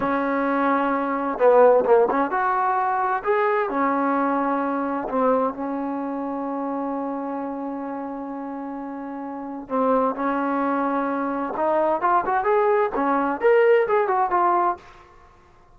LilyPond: \new Staff \with { instrumentName = "trombone" } { \time 4/4 \tempo 4 = 130 cis'2. b4 | ais8 cis'8 fis'2 gis'4 | cis'2. c'4 | cis'1~ |
cis'1~ | cis'4 c'4 cis'2~ | cis'4 dis'4 f'8 fis'8 gis'4 | cis'4 ais'4 gis'8 fis'8 f'4 | }